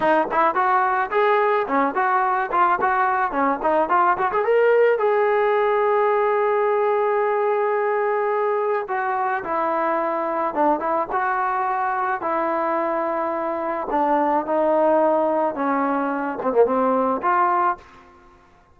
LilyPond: \new Staff \with { instrumentName = "trombone" } { \time 4/4 \tempo 4 = 108 dis'8 e'8 fis'4 gis'4 cis'8 fis'8~ | fis'8 f'8 fis'4 cis'8 dis'8 f'8 fis'16 gis'16 | ais'4 gis'2.~ | gis'1 |
fis'4 e'2 d'8 e'8 | fis'2 e'2~ | e'4 d'4 dis'2 | cis'4. c'16 ais16 c'4 f'4 | }